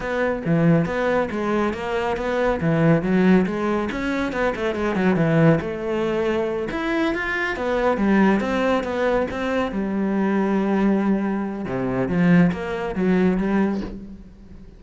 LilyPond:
\new Staff \with { instrumentName = "cello" } { \time 4/4 \tempo 4 = 139 b4 e4 b4 gis4 | ais4 b4 e4 fis4 | gis4 cis'4 b8 a8 gis8 fis8 | e4 a2~ a8 e'8~ |
e'8 f'4 b4 g4 c'8~ | c'8 b4 c'4 g4.~ | g2. c4 | f4 ais4 fis4 g4 | }